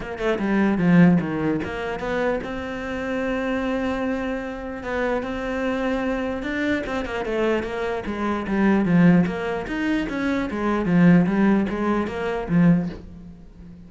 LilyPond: \new Staff \with { instrumentName = "cello" } { \time 4/4 \tempo 4 = 149 ais8 a8 g4 f4 dis4 | ais4 b4 c'2~ | c'1 | b4 c'2. |
d'4 c'8 ais8 a4 ais4 | gis4 g4 f4 ais4 | dis'4 cis'4 gis4 f4 | g4 gis4 ais4 f4 | }